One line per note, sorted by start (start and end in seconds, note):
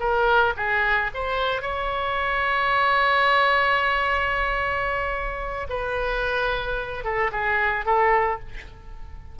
0.00 0.54 A#4
0.57 1.11 G#4
1.14 1.62 C5
1.62 5.68 C#5
5.70 7.04 B4
7.04 7.31 A4
7.32 7.86 G#4
7.86 8.40 A4